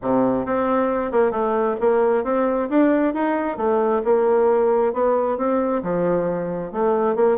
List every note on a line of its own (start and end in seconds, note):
0.02 0.45 C3
0.45 1.11 C4
1.11 1.31 A#3
1.31 1.76 A3
1.80 2.23 A#3
2.23 2.68 C4
2.69 3.14 D4
3.14 3.57 D#4
3.57 4.02 A3
4.04 4.93 A#3
4.93 5.37 B3
5.37 5.82 C4
5.82 6.72 F3
6.72 7.15 A3
7.15 7.37 A#3